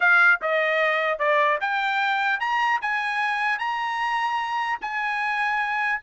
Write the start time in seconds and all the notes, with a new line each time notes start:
0.00 F5
0.41 D#5
1.19 D5
1.60 G5
2.39 A#5
2.81 G#5
3.58 A#5
4.81 G#5